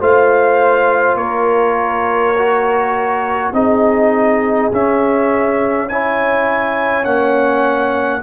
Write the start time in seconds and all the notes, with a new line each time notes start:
0.00 A3 F4 C5 F5
1.15 A#3 A#4 C#5
2.38 F#4
3.53 C4 D#4 G#4 D#5
4.72 C#4 E5
5.89 E4 C#5 G#5
7.04 A#3 C#4 F#5